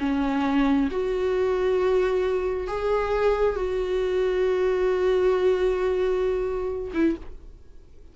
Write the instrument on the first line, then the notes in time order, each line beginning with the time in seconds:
viola
0.00 C#4
0.92 F#4
2.68 G#4
3.56 F#4
6.94 E4